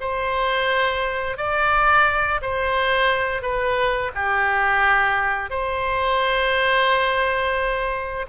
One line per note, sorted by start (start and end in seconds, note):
0.00 1.37 C5
1.37 2.40 D5
2.41 3.42 C5
3.42 4.11 B4
4.15 5.50 G4
5.50 8.26 C5